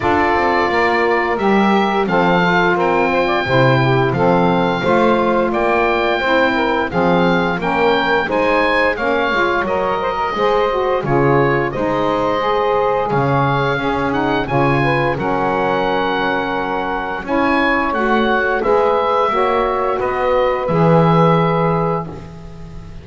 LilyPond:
<<
  \new Staff \with { instrumentName = "oboe" } { \time 4/4 \tempo 4 = 87 d''2 e''4 f''4 | g''2 f''2 | g''2 f''4 g''4 | gis''4 f''4 dis''2 |
cis''4 dis''2 f''4~ | f''8 fis''8 gis''4 fis''2~ | fis''4 gis''4 fis''4 e''4~ | e''4 dis''4 e''2 | }
  \new Staff \with { instrumentName = "saxophone" } { \time 4/4 a'4 ais'2 a'4 | ais'8 c''16 d''16 c''8 g'8 a'4 c''4 | d''4 c''8 ais'8 gis'4 ais'4 | c''4 cis''4. c''16 ais'16 c''4 |
gis'4 c''2 cis''4 | gis'4 cis''8 b'8 ais'2~ | ais'4 cis''2 b'4 | cis''4 b'2. | }
  \new Staff \with { instrumentName = "saxophone" } { \time 4/4 f'2 g'4 c'8 f'8~ | f'4 e'4 c'4 f'4~ | f'4 e'4 c'4 cis'4 | dis'4 cis'8 f'8 ais'4 gis'8 fis'8 |
f'4 dis'4 gis'2 | cis'8 dis'8 f'4 cis'2~ | cis'4 e'4 fis'4 gis'4 | fis'2 gis'2 | }
  \new Staff \with { instrumentName = "double bass" } { \time 4/4 d'8 c'8 ais4 g4 f4 | c'4 c4 f4 a4 | ais4 c'4 f4 ais4 | gis4 ais8 gis8 fis4 gis4 |
cis4 gis2 cis4 | cis'4 cis4 fis2~ | fis4 cis'4 a4 gis4 | ais4 b4 e2 | }
>>